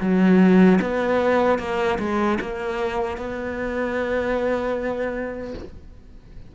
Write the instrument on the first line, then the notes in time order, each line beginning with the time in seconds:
cello
0.00 F#3
0.81 B3
1.59 A#3
1.98 G#3
2.40 A#3
3.17 B3